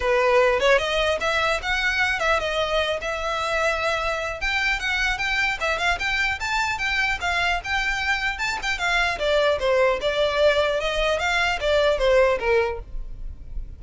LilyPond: \new Staff \with { instrumentName = "violin" } { \time 4/4 \tempo 4 = 150 b'4. cis''8 dis''4 e''4 | fis''4. e''8 dis''4. e''8~ | e''2. g''4 | fis''4 g''4 e''8 f''8 g''4 |
a''4 g''4 f''4 g''4~ | g''4 a''8 g''8 f''4 d''4 | c''4 d''2 dis''4 | f''4 d''4 c''4 ais'4 | }